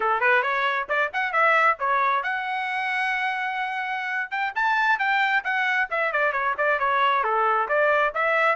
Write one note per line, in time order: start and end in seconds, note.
0.00 0.20 A4
0.20 0.42 B4
0.42 0.86 C#5
0.88 1.11 D5
1.13 1.32 F#5
1.32 1.77 E5
1.79 2.23 C#5
2.23 4.30 F#5
4.30 4.53 G5
4.55 4.99 A5
4.99 5.43 G5
5.44 5.88 F#5
5.90 6.12 E5
6.12 6.32 D5
6.32 6.54 C#5
6.57 6.79 D5
6.79 7.23 C#5
7.23 7.68 A4
7.68 8.12 D5
8.14 8.55 E5